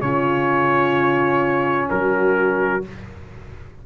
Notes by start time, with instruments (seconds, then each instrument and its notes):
0.00 tuba C#3, trombone C#4, horn F4, trumpet C#5
1.89 tuba F#3, horn F#4, trumpet A#4